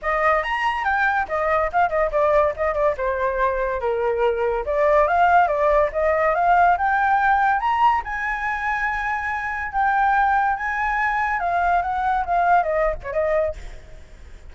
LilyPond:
\new Staff \with { instrumentName = "flute" } { \time 4/4 \tempo 4 = 142 dis''4 ais''4 g''4 dis''4 | f''8 dis''8 d''4 dis''8 d''8 c''4~ | c''4 ais'2 d''4 | f''4 d''4 dis''4 f''4 |
g''2 ais''4 gis''4~ | gis''2. g''4~ | g''4 gis''2 f''4 | fis''4 f''4 dis''8. cis''16 dis''4 | }